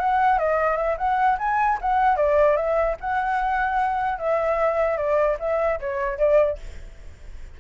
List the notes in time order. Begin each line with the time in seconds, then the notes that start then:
0.00 F#5
0.39 D#5
0.77 E5
0.98 F#5
1.39 G#5
1.82 F#5
2.17 D5
2.57 E5
3.01 F#5
4.19 E5
4.98 D5
5.40 E5
5.81 C#5
6.18 D5